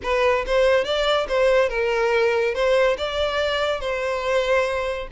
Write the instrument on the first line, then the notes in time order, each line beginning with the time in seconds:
violin
0.02 B4
0.46 C5
0.84 D5
1.28 C5
1.69 A#4
2.54 C5
2.97 D5
3.80 C5